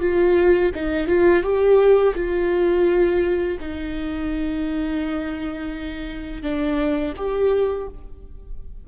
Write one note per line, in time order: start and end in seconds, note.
0.00 0.71 F4
0.74 1.07 D#4
1.07 1.43 F4
1.43 2.14 G4
2.15 3.58 F4
3.60 6.42 D#4
6.42 7.14 D4
7.17 7.88 G4